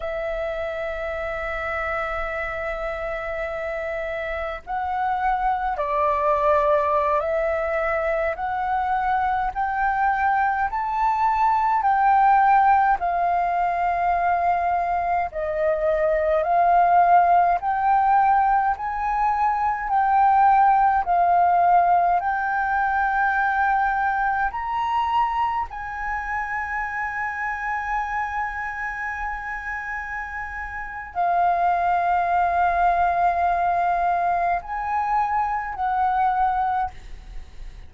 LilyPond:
\new Staff \with { instrumentName = "flute" } { \time 4/4 \tempo 4 = 52 e''1 | fis''4 d''4~ d''16 e''4 fis''8.~ | fis''16 g''4 a''4 g''4 f''8.~ | f''4~ f''16 dis''4 f''4 g''8.~ |
g''16 gis''4 g''4 f''4 g''8.~ | g''4~ g''16 ais''4 gis''4.~ gis''16~ | gis''2. f''4~ | f''2 gis''4 fis''4 | }